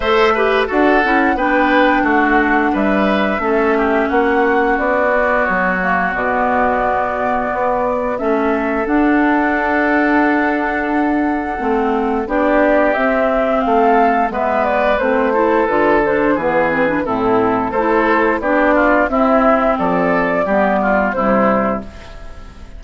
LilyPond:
<<
  \new Staff \with { instrumentName = "flute" } { \time 4/4 \tempo 4 = 88 e''4 fis''4 g''4 fis''4 | e''2 fis''4 d''4 | cis''4 d''2. | e''4 fis''2.~ |
fis''2 d''4 e''4 | f''4 e''8 d''8 c''4 b'8 c''8 | b'4 a'4 c''4 d''4 | e''4 d''2 c''4 | }
  \new Staff \with { instrumentName = "oboe" } { \time 4/4 c''8 b'8 a'4 b'4 fis'4 | b'4 a'8 g'8 fis'2~ | fis'1 | a'1~ |
a'2 g'2 | a'4 b'4. a'4. | gis'4 e'4 a'4 g'8 f'8 | e'4 a'4 g'8 f'8 e'4 | }
  \new Staff \with { instrumentName = "clarinet" } { \time 4/4 a'8 g'8 fis'8 e'8 d'2~ | d'4 cis'2~ cis'8 b8~ | b8 ais8 b2. | cis'4 d'2.~ |
d'4 c'4 d'4 c'4~ | c'4 b4 c'8 e'8 f'8 d'8 | b8 c'16 d'16 c'4 e'4 d'4 | c'2 b4 g4 | }
  \new Staff \with { instrumentName = "bassoon" } { \time 4/4 a4 d'8 cis'8 b4 a4 | g4 a4 ais4 b4 | fis4 b,2 b4 | a4 d'2.~ |
d'4 a4 b4 c'4 | a4 gis4 a4 d4 | e4 a,4 a4 b4 | c'4 f4 g4 c4 | }
>>